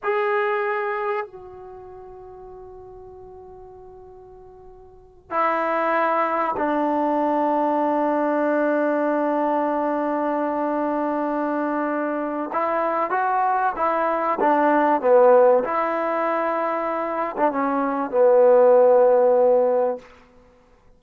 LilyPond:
\new Staff \with { instrumentName = "trombone" } { \time 4/4 \tempo 4 = 96 gis'2 fis'2~ | fis'1~ | fis'8 e'2 d'4.~ | d'1~ |
d'1 | e'4 fis'4 e'4 d'4 | b4 e'2~ e'8. d'16 | cis'4 b2. | }